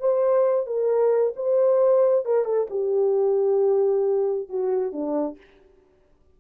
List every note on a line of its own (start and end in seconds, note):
0.00 0.67 C5
0.67 1.34 A#4
1.36 2.26 C5
2.26 2.45 A#4
2.45 2.67 A4
2.70 4.49 G4
4.49 4.93 F#4
4.93 5.37 D4